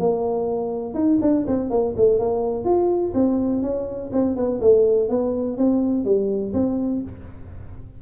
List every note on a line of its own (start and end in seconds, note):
0.00 0.95 A#3
0.95 1.19 D#4
1.22 1.46 D4
1.47 1.71 C4
1.71 1.95 A#3
1.97 2.20 A3
2.20 2.65 A#3
2.65 3.14 F4
3.15 3.63 C4
3.63 4.11 C#4
4.13 4.37 C4
4.37 4.61 B3
4.62 5.10 A3
5.10 5.58 B3
5.58 6.05 C4
6.05 6.53 G3
6.54 7.02 C4